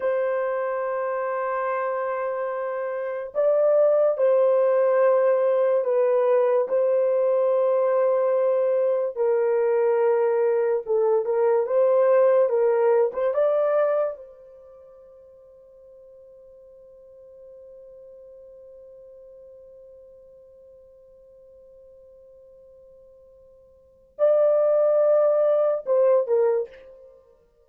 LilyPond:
\new Staff \with { instrumentName = "horn" } { \time 4/4 \tempo 4 = 72 c''1 | d''4 c''2 b'4 | c''2. ais'4~ | ais'4 a'8 ais'8 c''4 ais'8. c''16 |
d''4 c''2.~ | c''1~ | c''1~ | c''4 d''2 c''8 ais'8 | }